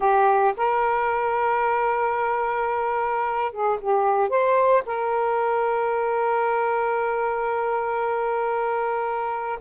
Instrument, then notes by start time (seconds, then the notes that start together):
saxophone
0.00 G4
0.57 A#4
3.51 G#4
3.81 G4
4.29 C5
4.86 A#4